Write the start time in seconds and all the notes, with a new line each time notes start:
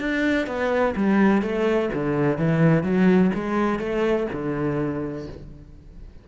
0.00 D4
0.47 B3
0.96 G3
1.42 A3
1.94 D3
2.38 E3
2.83 F#3
3.35 G#3
3.79 A3
4.33 D3